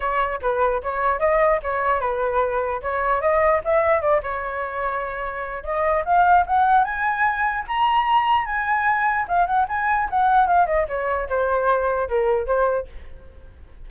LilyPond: \new Staff \with { instrumentName = "flute" } { \time 4/4 \tempo 4 = 149 cis''4 b'4 cis''4 dis''4 | cis''4 b'2 cis''4 | dis''4 e''4 d''8 cis''4.~ | cis''2 dis''4 f''4 |
fis''4 gis''2 ais''4~ | ais''4 gis''2 f''8 fis''8 | gis''4 fis''4 f''8 dis''8 cis''4 | c''2 ais'4 c''4 | }